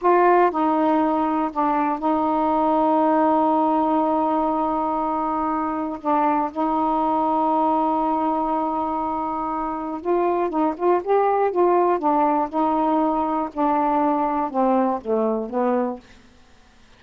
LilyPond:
\new Staff \with { instrumentName = "saxophone" } { \time 4/4 \tempo 4 = 120 f'4 dis'2 d'4 | dis'1~ | dis'1 | d'4 dis'2.~ |
dis'1 | f'4 dis'8 f'8 g'4 f'4 | d'4 dis'2 d'4~ | d'4 c'4 a4 b4 | }